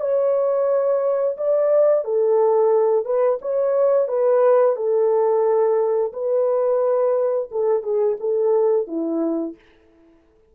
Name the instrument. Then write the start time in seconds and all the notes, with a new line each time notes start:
horn
0.00 C#5
1.37 D5
2.04 A4
3.05 B4
3.42 C#5
4.08 B4
4.76 A4
6.12 B4
7.51 A4
7.83 G#4
8.19 A4
8.87 E4